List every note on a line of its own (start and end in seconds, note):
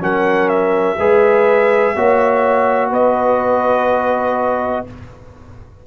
0.00 0.98 F#3
0.00 0.97 C#4
0.00 0.99 A#4
0.00 0.49 F#5
0.49 2.91 E5
0.99 1.95 G#3
0.99 1.97 G#4
0.99 1.95 B4
1.96 2.91 A#3
1.96 4.87 F#4
1.96 2.90 C#5
2.90 4.85 B3
2.90 4.83 B4
2.90 4.87 D#5